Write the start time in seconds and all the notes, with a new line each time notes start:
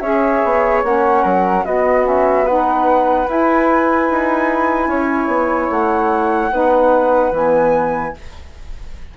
0.00 C#4 G#4 C#5 E5
0.44 B3
0.83 A#3 C#4 F#5
1.22 F#3 A#4
1.64 B3 F#4 D#5
2.03 C#4 E5
2.45 D#4 B4 F#5
3.26 E4 G#5
4.10 D#4
4.87 C#4 C#5
5.27 B3
5.69 A3 F#5
6.51 B3 D#4 B4
7.31 E3 B3 G#5